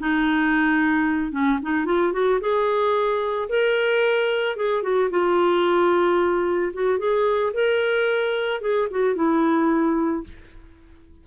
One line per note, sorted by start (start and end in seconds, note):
0.00 1.32 D#4
1.32 1.59 C#4
1.63 1.86 D#4
1.86 2.13 F4
2.13 2.40 F#4
2.41 3.49 G#4
3.49 4.57 A#4
4.57 4.83 G#4
4.83 5.10 F#4
5.11 6.73 F4
6.74 6.99 F#4
6.99 7.53 G#4
7.54 8.61 A#4
8.61 8.88 G#4
8.91 9.16 F#4
9.16 10.24 E4